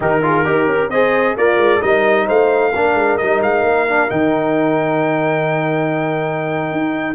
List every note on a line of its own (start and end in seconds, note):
0.00 0.45 D#3
0.00 0.22 D#4
0.00 0.23 G4
0.00 0.90 A#4
0.22 0.44 F4
0.22 0.48 G#4
0.44 0.66 D#4
0.44 0.90 G4
0.44 0.91 A#4
0.66 0.89 C#4
0.89 1.34 C4
0.89 1.38 G#4
0.89 1.36 C5
0.89 1.35 D#5
1.36 1.57 A#3
1.36 1.80 F4
1.36 1.81 A#4
1.36 1.82 D5
1.57 1.80 G#3
1.80 2.28 G3
1.80 2.72 D#4
1.80 2.26 A#4
1.80 2.27 D#5
2.26 2.74 A3
2.26 2.71 C5
2.26 3.17 F5
2.71 2.93 A#3
2.71 3.20 D4
2.71 7.14 A#4
2.93 3.16 G#3
3.17 3.41 G3
3.17 3.88 D#4
3.17 3.40 D#5
3.41 3.62 G#3
3.41 4.10 F5
3.62 4.08 A#3
3.88 4.08 D4
4.08 6.71 D#3
4.08 7.15 D#4
4.08 7.15 G5
6.71 7.15 D#4